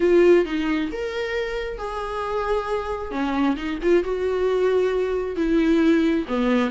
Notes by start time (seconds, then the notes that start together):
0.00 F4
0.45 D#4
0.92 A#4
1.78 G#4
3.11 C#4
3.56 D#4
3.82 F4
4.03 F#4
5.36 E4
6.27 B3